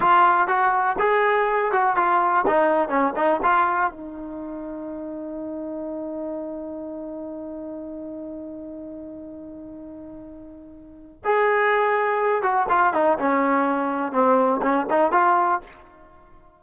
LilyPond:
\new Staff \with { instrumentName = "trombone" } { \time 4/4 \tempo 4 = 123 f'4 fis'4 gis'4. fis'8 | f'4 dis'4 cis'8 dis'8 f'4 | dis'1~ | dis'1~ |
dis'1~ | dis'2. gis'4~ | gis'4. fis'8 f'8 dis'8 cis'4~ | cis'4 c'4 cis'8 dis'8 f'4 | }